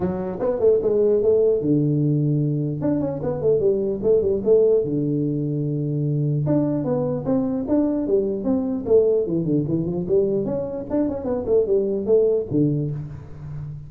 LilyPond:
\new Staff \with { instrumentName = "tuba" } { \time 4/4 \tempo 4 = 149 fis4 b8 a8 gis4 a4 | d2. d'8 cis'8 | b8 a8 g4 a8 g8 a4 | d1 |
d'4 b4 c'4 d'4 | g4 c'4 a4 e8 d8 | e8 f8 g4 cis'4 d'8 cis'8 | b8 a8 g4 a4 d4 | }